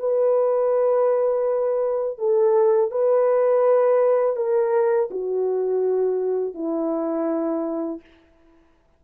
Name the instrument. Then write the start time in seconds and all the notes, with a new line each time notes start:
horn
0.00 B4
2.19 A4
2.91 B4
4.36 A#4
5.11 F#4
6.55 E4